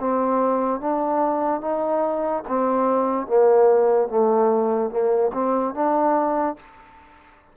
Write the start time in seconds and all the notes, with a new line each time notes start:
0.00 C4
0.81 D4
1.61 D#4
2.48 C4
3.27 A#3
4.09 A3
4.91 A#3
5.33 C4
5.75 D4